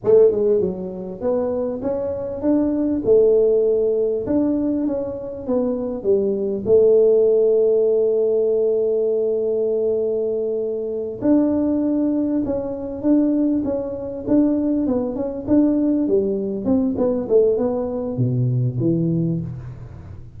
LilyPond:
\new Staff \with { instrumentName = "tuba" } { \time 4/4 \tempo 4 = 99 a8 gis8 fis4 b4 cis'4 | d'4 a2 d'4 | cis'4 b4 g4 a4~ | a1~ |
a2~ a8 d'4.~ | d'8 cis'4 d'4 cis'4 d'8~ | d'8 b8 cis'8 d'4 g4 c'8 | b8 a8 b4 b,4 e4 | }